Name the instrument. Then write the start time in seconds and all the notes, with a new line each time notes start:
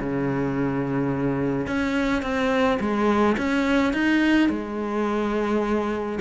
cello
0.00 C#3
1.67 C#4
2.22 C4
2.80 G#3
3.38 C#4
3.93 D#4
4.49 G#3